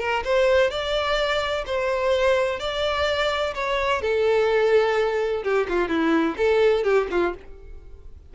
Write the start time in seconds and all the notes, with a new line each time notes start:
0.00 A#4
0.25 C5
0.71 D5
1.67 C5
2.60 D5
3.55 C#5
4.02 A4
5.44 G4
5.69 F4
5.89 E4
6.38 A4
6.84 G4
7.11 F4